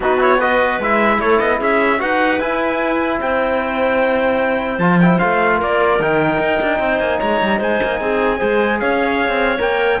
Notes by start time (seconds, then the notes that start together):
0.00 B3 D#4 F#4 B4
0.18 E4 C#5
0.37 F#4 B4 D#5
0.79 G#3 E4 E5
1.19 A3 A4 C#5
1.39 B3 D#5
1.58 C#4 G#4 E5
1.99 D#4 F#4 B4 F#5
2.39 E4 G#5
3.19 C4 C5 G5
4.78 F3 F4 A5
5.00 E4 G5
5.18 A3 F4 F5
5.57 A#3 A#4 D5
5.99 D#3 D#4 G5
6.39 D#4
6.62 D4
6.79 C4 C5
6.99 A#3 G#5
7.19 G#3 C#5 A#5
7.42 G3
7.59 G#3 C5 G#5
7.82 A#3
8.00 C4 G#4
8.37 G#3 G#4 C5
8.79 C#4 C#5 F5
9.28 C4
9.58 A#3 A#4 G5